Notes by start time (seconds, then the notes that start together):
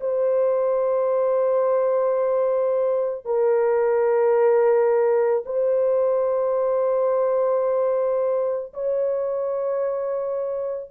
0.00 C5
3.25 A#4
5.45 C5
8.73 C#5